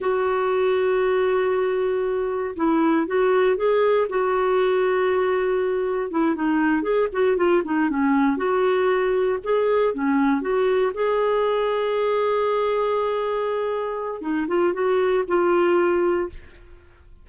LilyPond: \new Staff \with { instrumentName = "clarinet" } { \time 4/4 \tempo 4 = 118 fis'1~ | fis'4 e'4 fis'4 gis'4 | fis'1 | e'8 dis'4 gis'8 fis'8 f'8 dis'8 cis'8~ |
cis'8 fis'2 gis'4 cis'8~ | cis'8 fis'4 gis'2~ gis'8~ | gis'1 | dis'8 f'8 fis'4 f'2 | }